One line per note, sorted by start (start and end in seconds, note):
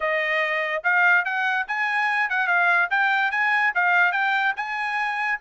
0.00 0.83 D#5
0.83 1.24 F5
1.24 1.66 F#5
1.67 2.29 G#5
2.29 2.47 F#5
2.47 2.88 F5
2.90 3.31 G5
3.31 3.72 G#5
3.74 4.12 F5
4.12 4.53 G5
4.56 5.39 G#5